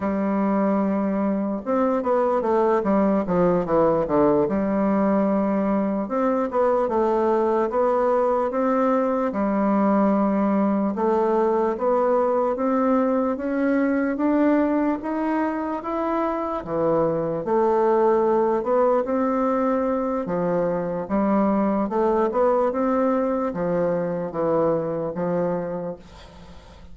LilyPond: \new Staff \with { instrumentName = "bassoon" } { \time 4/4 \tempo 4 = 74 g2 c'8 b8 a8 g8 | f8 e8 d8 g2 c'8 | b8 a4 b4 c'4 g8~ | g4. a4 b4 c'8~ |
c'8 cis'4 d'4 dis'4 e'8~ | e'8 e4 a4. b8 c'8~ | c'4 f4 g4 a8 b8 | c'4 f4 e4 f4 | }